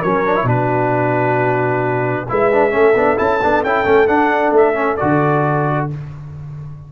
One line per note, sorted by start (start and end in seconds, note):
0.00 0.44 F#3
0.00 0.26 C#4
0.00 0.45 A#4
0.00 0.47 C#5
0.26 0.35 D4
0.35 0.46 E4
0.44 2.24 B2
0.44 2.26 D4
0.44 2.26 F#4
0.44 2.29 B4
2.29 2.75 G#3
2.29 2.52 E4
2.29 2.73 B4
2.29 3.18 E5
2.52 2.71 D4
2.71 2.95 A3
2.71 2.94 C#4
2.71 5.89 A4
2.95 3.17 B3
2.95 3.17 D4
3.17 3.43 C#4
3.17 3.39 E4
3.17 3.64 A5
3.42 3.63 B3
3.42 3.65 D4
3.63 3.86 C#4
3.63 3.84 E4
3.63 4.08 G5
3.84 4.08 A3
3.84 4.07 C#4
4.08 4.74 D4
4.08 4.52 D4
4.08 4.53 F#5
4.52 4.97 A3
4.52 4.97 E5
4.74 4.97 C#4
4.97 5.92 D3
4.97 5.90 F#4
4.97 5.87 D5